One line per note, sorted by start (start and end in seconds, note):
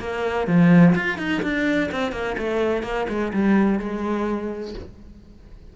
0.00 0.47 A#3
0.47 0.95 F3
0.96 1.19 F4
1.19 1.42 D#4
1.43 1.90 D4
1.92 2.13 C4
2.13 2.36 A#3
2.39 2.83 A3
2.83 3.07 A#3
3.09 3.33 G#3
3.34 3.80 G3
3.80 4.75 G#3